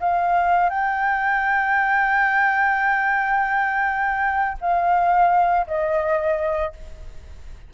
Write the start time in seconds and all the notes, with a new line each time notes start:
0.00 F5
0.69 G5
4.60 F5
5.67 D#5